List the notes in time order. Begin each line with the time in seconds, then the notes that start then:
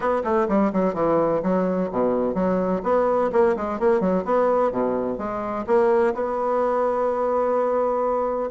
0.00 B3
0.24 A3
0.48 G3
0.72 F#3
0.94 E3
1.42 F#3
1.91 B2
2.34 F#3
2.83 B3
3.32 A#3
3.56 G#3
3.79 A#3
4.00 F#3
4.25 B3
4.71 B2
5.18 G#3
5.66 A#3
6.14 B3